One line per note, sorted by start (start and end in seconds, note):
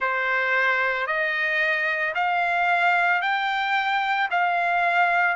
0.00 1.07 C5
1.07 2.14 D#5
2.14 3.21 F5
3.21 4.29 G5
4.31 5.36 F5